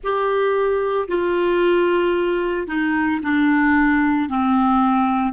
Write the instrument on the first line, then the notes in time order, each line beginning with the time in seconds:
clarinet
0.03 G4
1.08 F4
2.67 D#4
3.22 D4
4.29 C4